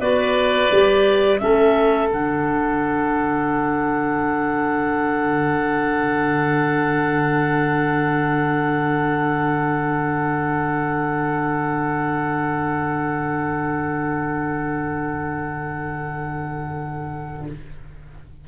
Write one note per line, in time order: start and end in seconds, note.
0.00 0.70 B3
0.00 0.71 F#4
0.00 1.40 B4
0.00 1.38 D5
0.71 1.41 G3
0.71 1.39 G4
1.38 2.12 A3
1.38 2.09 C#4
1.38 17.47 A4
1.38 2.08 E5
2.11 17.47 D3
2.11 17.46 D4
2.11 17.48 F#5